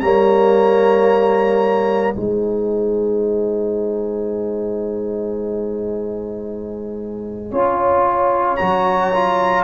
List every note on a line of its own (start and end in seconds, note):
0.00 2.15 G3
0.00 2.15 A#3
0.00 2.17 C#5
0.00 2.14 A#5
2.15 7.52 G#3
2.15 7.51 D#4
2.15 7.51 C5
2.15 8.56 G#5
7.51 8.59 C#4
7.51 8.58 F4
7.51 9.64 C#5
8.56 9.64 F#3
8.56 9.13 F#4
8.56 9.63 A#5
9.14 9.64 F4